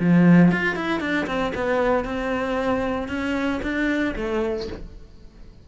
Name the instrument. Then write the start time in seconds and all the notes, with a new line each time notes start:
cello
0.00 F3
0.52 F4
0.76 E4
1.01 D4
1.27 C4
1.55 B3
2.05 C4
3.09 C#4
3.63 D4
4.16 A3